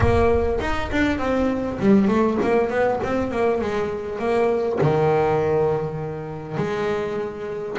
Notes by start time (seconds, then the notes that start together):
0.00 A#3
0.60 D#4
0.91 D4
1.18 C4
1.79 G3
2.08 A3
2.42 A#3
2.70 B3
3.03 C4
3.31 A#3
3.61 G#3
4.18 A#3
4.81 D#3
6.57 G#3